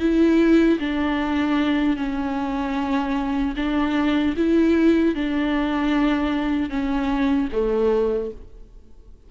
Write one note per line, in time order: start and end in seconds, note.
0.00 0.79 E4
0.80 1.97 D4
1.97 3.55 C#4
3.56 4.35 D4
4.37 5.15 E4
5.15 6.70 D4
6.70 7.49 C#4
7.53 8.31 A3